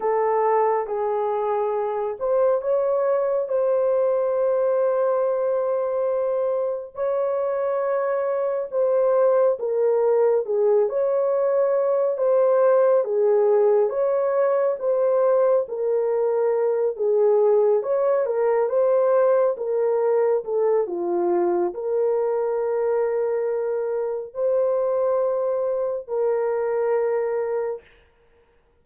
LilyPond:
\new Staff \with { instrumentName = "horn" } { \time 4/4 \tempo 4 = 69 a'4 gis'4. c''8 cis''4 | c''1 | cis''2 c''4 ais'4 | gis'8 cis''4. c''4 gis'4 |
cis''4 c''4 ais'4. gis'8~ | gis'8 cis''8 ais'8 c''4 ais'4 a'8 | f'4 ais'2. | c''2 ais'2 | }